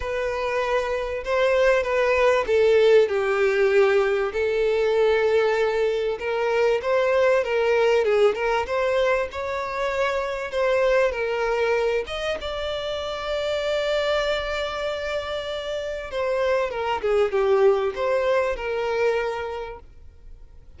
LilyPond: \new Staff \with { instrumentName = "violin" } { \time 4/4 \tempo 4 = 97 b'2 c''4 b'4 | a'4 g'2 a'4~ | a'2 ais'4 c''4 | ais'4 gis'8 ais'8 c''4 cis''4~ |
cis''4 c''4 ais'4. dis''8 | d''1~ | d''2 c''4 ais'8 gis'8 | g'4 c''4 ais'2 | }